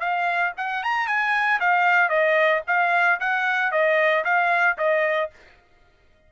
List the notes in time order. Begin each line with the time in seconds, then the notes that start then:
0.00 F5
0.57 F#5
0.83 A#5
1.07 G#5
1.60 F5
2.09 D#5
2.67 F5
3.20 F#5
3.72 D#5
4.25 F5
4.78 D#5